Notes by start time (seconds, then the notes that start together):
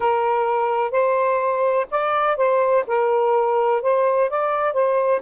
0.00 A#4
0.91 C5
1.90 D5
2.36 C5
2.87 A#4
3.81 C5
4.29 D5
4.73 C5